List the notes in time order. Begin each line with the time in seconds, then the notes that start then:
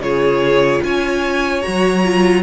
0.00 C#3 F4 G#4 C#5
0.83 C#4 C#5 G#5
1.62 F#3 F#4 A#5
2.04 F4